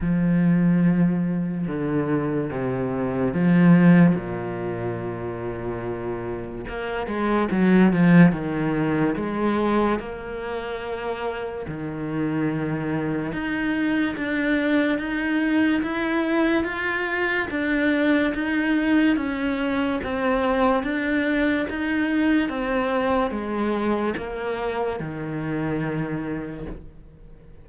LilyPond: \new Staff \with { instrumentName = "cello" } { \time 4/4 \tempo 4 = 72 f2 d4 c4 | f4 ais,2. | ais8 gis8 fis8 f8 dis4 gis4 | ais2 dis2 |
dis'4 d'4 dis'4 e'4 | f'4 d'4 dis'4 cis'4 | c'4 d'4 dis'4 c'4 | gis4 ais4 dis2 | }